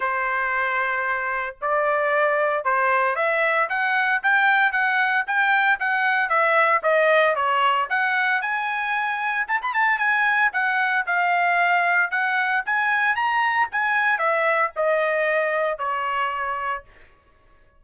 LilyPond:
\new Staff \with { instrumentName = "trumpet" } { \time 4/4 \tempo 4 = 114 c''2. d''4~ | d''4 c''4 e''4 fis''4 | g''4 fis''4 g''4 fis''4 | e''4 dis''4 cis''4 fis''4 |
gis''2 a''16 b''16 a''8 gis''4 | fis''4 f''2 fis''4 | gis''4 ais''4 gis''4 e''4 | dis''2 cis''2 | }